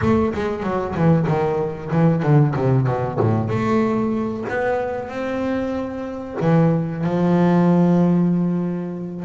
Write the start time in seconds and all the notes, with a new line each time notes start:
0.01 A3
0.34 G#3
0.63 F#3
0.95 E3
1.27 D#3
1.91 E3
2.22 D3
2.56 C3
2.87 B2
3.19 A2
3.49 A3
4.49 B3
5.09 C4
6.40 E3
7.04 F3